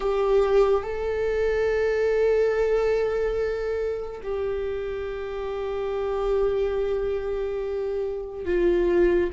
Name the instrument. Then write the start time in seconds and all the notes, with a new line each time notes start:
viola
0.00 G4
0.83 A4
4.23 G4
8.45 F4